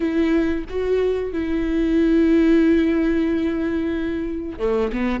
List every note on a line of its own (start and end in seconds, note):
0.00 0.64 E4
0.69 1.32 F#4
1.32 4.58 E4
4.58 4.91 A3
4.92 5.20 B3